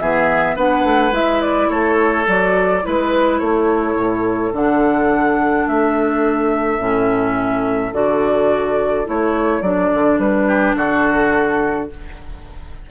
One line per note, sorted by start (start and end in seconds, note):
0.00 0.56 E3
0.00 0.56 B3
0.00 0.55 G#4
0.00 0.57 E5
0.55 0.84 B3
0.55 1.11 D4
0.55 1.68 B4
0.55 1.14 F#5
0.84 1.11 A3
1.11 1.67 G#3
1.11 2.24 E4
1.11 1.41 E5
1.41 1.69 D5
1.69 2.26 A3
1.69 2.82 A4
1.69 2.26 C#5
2.27 2.84 F#3
2.27 2.83 F#4
2.27 2.85 D5
2.83 3.41 G#3
2.83 4.52 E4
2.83 3.38 B4
2.83 3.39 B4
3.38 3.95 A3
3.38 10.47 A4
3.38 4.52 C#5
3.95 4.52 A2
4.53 5.66 D3
4.53 6.79 D4
4.53 5.67 F#5
5.67 6.79 A3
5.67 7.93 E5
6.79 7.92 A2
6.79 7.92 C#4
7.92 9.06 D3
7.92 9.05 F#4
7.92 9.07 D5
9.05 9.61 A3
9.05 9.61 E4
9.05 9.61 C#5
9.61 9.90 F#3
9.61 11.90 D4
9.61 10.18 D5
9.94 10.18 D3
10.18 10.75 G3
10.18 10.76 B4
10.47 10.75 G4
10.75 11.88 D3
10.75 11.90 F#4
10.75 11.89 A4